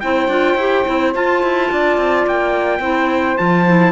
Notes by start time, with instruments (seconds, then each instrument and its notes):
0.00 cello C4, clarinet E4, saxophone C5, trumpet G5
0.28 cello D4, clarinet F4
0.55 cello E4, clarinet G4
0.86 cello C4, clarinet E4
1.14 clarinet F4, cello F4, trumpet A5
1.43 cello E4
1.71 cello D4, saxophone D5
1.97 cello C4
2.26 cello A#3, trumpet G5
2.79 cello C4, clarinet E4, saxophone C5
3.37 cello F3, clarinet F4, trumpet A5
3.67 clarinet E4